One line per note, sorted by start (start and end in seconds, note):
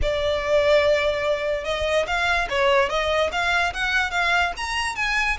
0.02 1.64 D5
1.64 2.06 D#5
2.06 2.48 F5
2.49 2.89 C#5
2.89 3.30 D#5
3.31 3.73 F5
3.73 4.10 F#5
4.10 4.52 F5
4.56 4.95 A#5
4.95 5.37 G#5